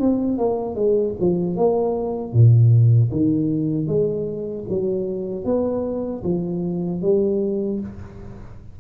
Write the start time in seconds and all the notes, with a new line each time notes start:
0.00 C4
0.38 A#3
0.75 G#3
1.20 F3
1.57 A#3
2.33 A#2
3.12 D#3
3.87 G#3
4.69 F#3
5.45 B3
6.24 F3
7.02 G3